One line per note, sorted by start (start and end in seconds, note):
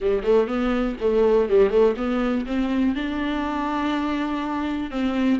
0.00 0.23 G3
0.23 0.47 A3
0.47 0.96 B3
1.00 1.49 A3
1.49 1.70 G3
1.70 1.94 A3
1.96 2.45 B3
2.46 2.95 C4
2.95 4.90 D4
4.90 5.40 C4